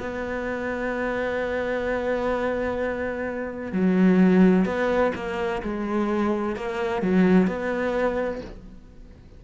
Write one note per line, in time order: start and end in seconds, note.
0.00 3.73 B3
3.73 4.66 F#3
4.66 5.13 B3
5.16 5.62 A#3
5.63 6.56 G#3
6.56 7.03 A#3
7.03 7.47 F#3
7.47 8.41 B3